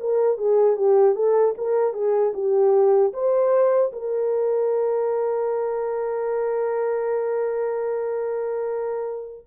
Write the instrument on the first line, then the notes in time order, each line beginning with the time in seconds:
horn
0.00 A#4
0.37 G#4
0.76 G4
1.15 A4
1.58 A#4
1.93 G#4
2.34 G4
3.13 C5
3.92 A#4